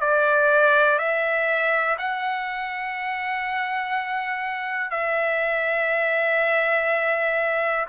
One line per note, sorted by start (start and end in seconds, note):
0.00 0.98 D5
0.98 1.97 E5
1.98 4.90 F#5
4.90 7.85 E5